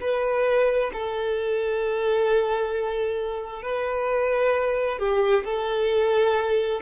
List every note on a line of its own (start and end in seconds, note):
0.00 0.91 B4
0.93 3.62 A4
3.62 4.99 B4
4.99 5.44 G4
5.45 6.81 A4